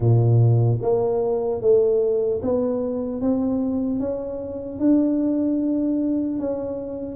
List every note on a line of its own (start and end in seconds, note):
0.00 0.79 A#2
0.81 1.61 A#3
1.61 2.41 A3
2.42 3.21 B3
3.21 3.99 C4
3.99 4.79 C#4
4.79 6.39 D4
6.39 7.15 C#4